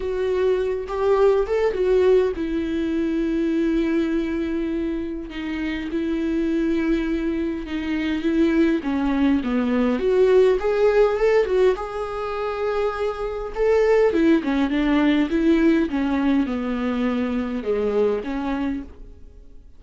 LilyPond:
\new Staff \with { instrumentName = "viola" } { \time 4/4 \tempo 4 = 102 fis'4. g'4 a'8 fis'4 | e'1~ | e'4 dis'4 e'2~ | e'4 dis'4 e'4 cis'4 |
b4 fis'4 gis'4 a'8 fis'8 | gis'2. a'4 | e'8 cis'8 d'4 e'4 cis'4 | b2 gis4 cis'4 | }